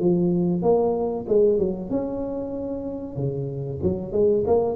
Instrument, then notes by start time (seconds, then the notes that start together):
tuba
0.00 F3
0.62 A#3
1.28 G#3
1.59 F#3
1.90 C#4
3.16 C#3
3.83 F#3
4.12 G#3
4.47 A#3